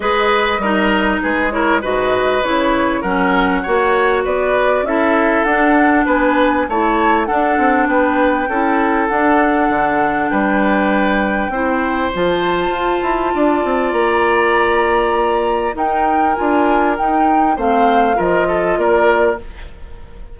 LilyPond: <<
  \new Staff \with { instrumentName = "flute" } { \time 4/4 \tempo 4 = 99 dis''2 b'8 cis''8 dis''4 | cis''4 fis''2 d''4 | e''4 fis''4 gis''4 a''4 | fis''4 g''2 fis''4~ |
fis''4 g''2. | a''2. ais''4~ | ais''2 g''4 gis''4 | g''4 f''4 dis''4 d''4 | }
  \new Staff \with { instrumentName = "oboe" } { \time 4/4 b'4 ais'4 gis'8 ais'8 b'4~ | b'4 ais'4 cis''4 b'4 | a'2 b'4 cis''4 | a'4 b'4 a'2~ |
a'4 b'2 c''4~ | c''2 d''2~ | d''2 ais'2~ | ais'4 c''4 ais'8 a'8 ais'4 | }
  \new Staff \with { instrumentName = "clarinet" } { \time 4/4 gis'4 dis'4. e'8 fis'4 | e'4 cis'4 fis'2 | e'4 d'2 e'4 | d'2 e'4 d'4~ |
d'2. e'4 | f'1~ | f'2 dis'4 f'4 | dis'4 c'4 f'2 | }
  \new Staff \with { instrumentName = "bassoon" } { \time 4/4 gis4 g4 gis4 gis,4 | cis4 fis4 ais4 b4 | cis'4 d'4 b4 a4 | d'8 c'8 b4 cis'4 d'4 |
d4 g2 c'4 | f4 f'8 e'8 d'8 c'8 ais4~ | ais2 dis'4 d'4 | dis'4 a4 f4 ais4 | }
>>